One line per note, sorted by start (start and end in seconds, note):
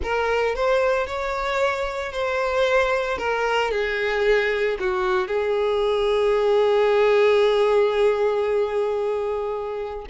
0.03 0.55 A#4
0.55 1.06 C5
1.06 2.12 C#5
2.12 3.18 C5
3.18 3.71 A#4
3.71 4.77 G#4
4.79 5.27 F#4
5.27 10.05 G#4